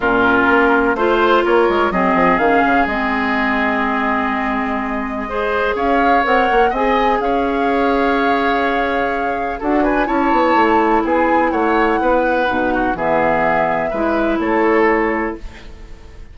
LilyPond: <<
  \new Staff \with { instrumentName = "flute" } { \time 4/4 \tempo 4 = 125 ais'2 c''4 cis''4 | dis''4 f''4 dis''2~ | dis''1 | f''4 fis''4 gis''4 f''4~ |
f''1 | fis''8 gis''8 a''2 gis''4 | fis''2. e''4~ | e''2 cis''2 | }
  \new Staff \with { instrumentName = "oboe" } { \time 4/4 f'2 c''4 ais'4 | gis'1~ | gis'2. c''4 | cis''2 dis''4 cis''4~ |
cis''1 | a'8 b'8 cis''2 gis'4 | cis''4 b'4. fis'8 gis'4~ | gis'4 b'4 a'2 | }
  \new Staff \with { instrumentName = "clarinet" } { \time 4/4 cis'2 f'2 | c'4 cis'4 c'2~ | c'2. gis'4~ | gis'4 ais'4 gis'2~ |
gis'1 | fis'4 e'2.~ | e'2 dis'4 b4~ | b4 e'2. | }
  \new Staff \with { instrumentName = "bassoon" } { \time 4/4 ais,4 ais4 a4 ais8 gis8 | fis8 f8 dis8 cis8 gis2~ | gis1 | cis'4 c'8 ais8 c'4 cis'4~ |
cis'1 | d'4 cis'8 b8 a4 b4 | a4 b4 b,4 e4~ | e4 gis4 a2 | }
>>